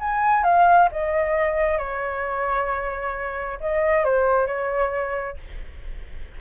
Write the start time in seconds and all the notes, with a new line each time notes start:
0.00 G#5
0.44 F5
0.91 D#5
1.78 C#5
3.61 D#5
4.05 C5
4.47 C#5